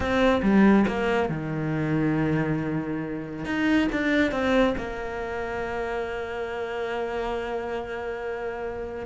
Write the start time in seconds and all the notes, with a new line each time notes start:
0.00 C4
0.42 G3
0.87 A#3
1.29 D#3
3.45 D#4
3.92 D4
4.31 C4
4.77 A#3